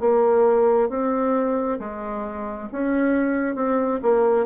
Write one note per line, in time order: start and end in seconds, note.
0.00 0.89 A#3
0.89 1.79 C4
1.79 2.68 G#3
2.72 3.55 C#4
3.55 4.00 C4
4.02 4.45 A#3